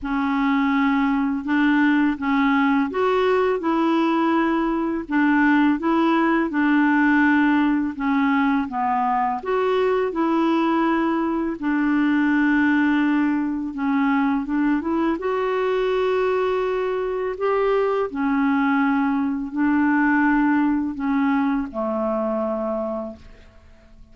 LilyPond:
\new Staff \with { instrumentName = "clarinet" } { \time 4/4 \tempo 4 = 83 cis'2 d'4 cis'4 | fis'4 e'2 d'4 | e'4 d'2 cis'4 | b4 fis'4 e'2 |
d'2. cis'4 | d'8 e'8 fis'2. | g'4 cis'2 d'4~ | d'4 cis'4 a2 | }